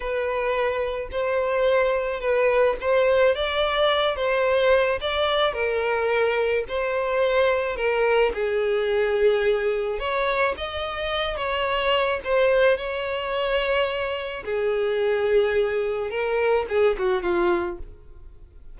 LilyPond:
\new Staff \with { instrumentName = "violin" } { \time 4/4 \tempo 4 = 108 b'2 c''2 | b'4 c''4 d''4. c''8~ | c''4 d''4 ais'2 | c''2 ais'4 gis'4~ |
gis'2 cis''4 dis''4~ | dis''8 cis''4. c''4 cis''4~ | cis''2 gis'2~ | gis'4 ais'4 gis'8 fis'8 f'4 | }